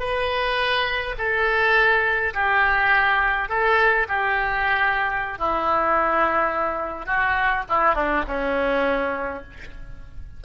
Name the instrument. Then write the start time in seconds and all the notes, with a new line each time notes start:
oboe
0.00 B4
1.19 A4
2.34 G4
3.49 A4
4.09 G4
5.39 E4
7.06 F#4
7.69 E4
7.95 D4
8.28 C#4